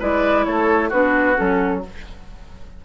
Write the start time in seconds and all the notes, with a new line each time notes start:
0.00 G#3 E4 B4 D5
0.45 A3 A4 C#5
0.89 B3 D4 F#4 B4
1.36 F#3 C#4 A4